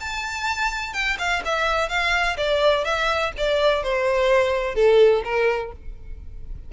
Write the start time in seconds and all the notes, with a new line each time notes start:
0.00 A5
0.93 G5
1.18 F5
1.45 E5
1.89 F5
2.37 D5
2.84 E5
3.37 D5
3.83 C5
4.75 A4
5.24 A#4